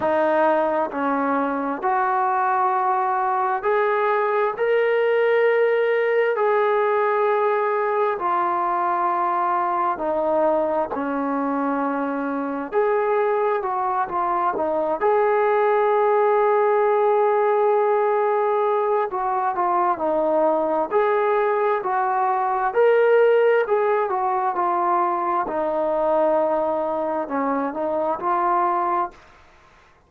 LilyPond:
\new Staff \with { instrumentName = "trombone" } { \time 4/4 \tempo 4 = 66 dis'4 cis'4 fis'2 | gis'4 ais'2 gis'4~ | gis'4 f'2 dis'4 | cis'2 gis'4 fis'8 f'8 |
dis'8 gis'2.~ gis'8~ | gis'4 fis'8 f'8 dis'4 gis'4 | fis'4 ais'4 gis'8 fis'8 f'4 | dis'2 cis'8 dis'8 f'4 | }